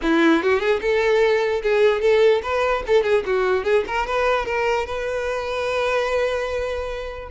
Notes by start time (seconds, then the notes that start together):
0.02 E4
0.42 F#4
0.59 G#4
0.81 A4
1.62 G#4
2.01 A4
2.42 B4
2.86 A4
3.03 G#4
3.25 F#4
3.64 G#4
3.87 A#4
4.06 B4
4.45 A#4
4.86 B4